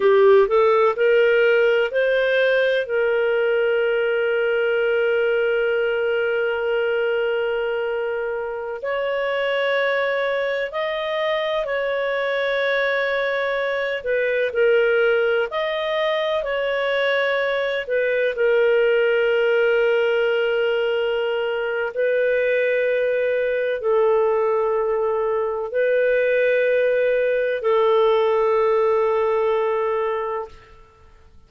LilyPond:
\new Staff \with { instrumentName = "clarinet" } { \time 4/4 \tempo 4 = 63 g'8 a'8 ais'4 c''4 ais'4~ | ais'1~ | ais'4~ ais'16 cis''2 dis''8.~ | dis''16 cis''2~ cis''8 b'8 ais'8.~ |
ais'16 dis''4 cis''4. b'8 ais'8.~ | ais'2. b'4~ | b'4 a'2 b'4~ | b'4 a'2. | }